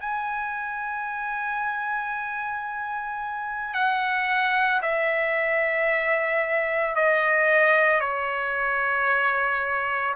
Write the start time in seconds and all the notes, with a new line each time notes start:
0.00 G#5
3.74 F#5
4.82 E5
6.95 D#5
8.00 C#5